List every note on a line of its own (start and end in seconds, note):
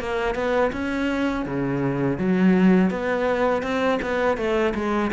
0.00 0.35 A#3
0.35 0.72 B3
0.73 1.45 C#4
1.45 2.18 C#3
2.18 2.90 F#3
2.90 3.63 B3
3.63 3.99 C4
4.02 4.37 B3
4.37 4.74 A3
4.75 5.11 G#3